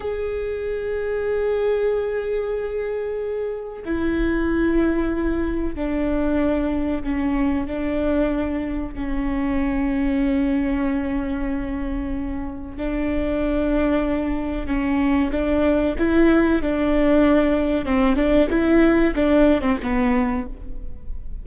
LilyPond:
\new Staff \with { instrumentName = "viola" } { \time 4/4 \tempo 4 = 94 gis'1~ | gis'2 e'2~ | e'4 d'2 cis'4 | d'2 cis'2~ |
cis'1 | d'2. cis'4 | d'4 e'4 d'2 | c'8 d'8 e'4 d'8. c'16 b4 | }